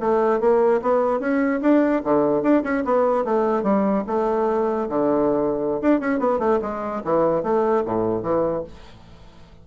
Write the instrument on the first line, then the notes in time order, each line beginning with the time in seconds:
bassoon
0.00 A3
0.40 A#3
0.81 B3
1.19 C#4
1.61 D4
2.04 D3
2.42 D4
2.63 C#4
2.84 B3
3.24 A3
3.63 G3
4.07 A3
4.89 D3
5.81 D4
6.00 C#4
6.19 B3
6.39 A3
6.62 G#3
7.04 E3
7.43 A3
7.85 A2
8.22 E3